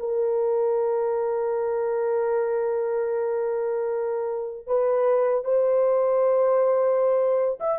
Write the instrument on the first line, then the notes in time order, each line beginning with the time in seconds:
horn
0.00 A#4
4.68 B4
5.45 C5
7.60 E5